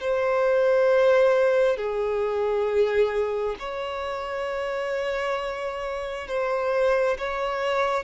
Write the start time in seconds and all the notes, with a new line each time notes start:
0.00 C5
1.77 G#4
3.59 C#5
6.27 C5
7.18 C#5